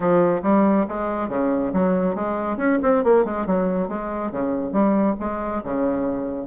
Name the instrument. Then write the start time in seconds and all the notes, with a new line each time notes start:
bassoon
0.00 F3
0.42 G3
0.88 G#3
1.29 C#3
1.73 F#3
2.15 G#3
2.57 C#4
2.82 C4
3.04 A#3
3.24 G#3
3.46 F#3
3.88 G#3
4.31 C#3
4.72 G3
5.19 G#3
5.63 C#3